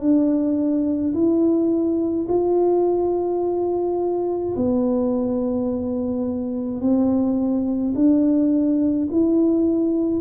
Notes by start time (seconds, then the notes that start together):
0.00 D4
1.14 E4
2.28 F4
4.56 B3
6.80 C4
7.95 D4
9.11 E4